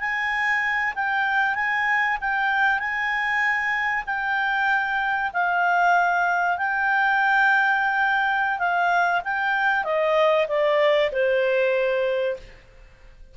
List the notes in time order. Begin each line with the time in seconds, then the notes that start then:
0.00 G#5
0.95 G5
1.55 G#5
2.21 G5
2.79 G#5
4.06 G5
5.33 F5
6.58 G5
8.59 F5
9.24 G5
9.84 D#5
10.48 D5
11.12 C5